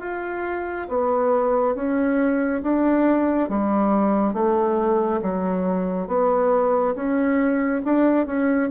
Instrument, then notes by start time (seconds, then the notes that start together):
bassoon
0.00 F4
0.88 B3
1.75 C#4
2.62 D4
3.49 G3
4.33 A3
5.21 F#3
6.07 B3
6.94 C#4
7.84 D4
8.26 C#4